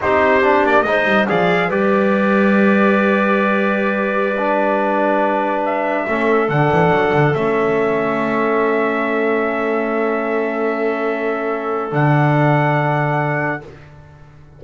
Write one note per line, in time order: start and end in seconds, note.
0.02 0.63 C4
0.02 0.42 D#4
0.02 0.87 G4
0.02 0.66 C5
0.42 0.85 D4
0.63 0.84 A#3
0.63 0.82 D5
0.82 1.05 G#3
0.82 1.28 D#4
0.82 1.27 C5
0.82 1.24 D#5
1.05 1.26 G3
1.27 1.68 F3
1.27 1.70 G#4
1.27 1.67 D5
1.27 1.70 F5
1.67 6.04 G3
1.67 4.36 G4
1.67 6.04 B4
1.67 5.64 D5
4.38 6.08 D4
5.65 6.49 E5
6.06 6.48 A3
6.06 6.48 C#4
6.06 13.61 A4
6.48 6.70 D3
6.48 7.33 D4
6.48 7.34 F#5
6.71 6.90 E3
6.90 7.12 F#3
7.12 7.34 D3
7.34 11.92 A3
7.34 11.91 C#4
7.34 11.91 E5
11.91 13.62 D3
11.91 13.61 D4
11.91 13.63 F#5